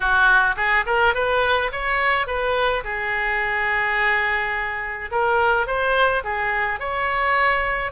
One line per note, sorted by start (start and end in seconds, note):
0.00 0.55 F#4
0.56 0.84 G#4
0.86 1.14 A#4
1.14 1.71 B4
1.72 2.26 C#5
2.26 2.83 B4
2.84 5.10 G#4
5.11 5.66 A#4
5.66 6.23 C5
6.23 6.79 G#4
6.79 7.91 C#5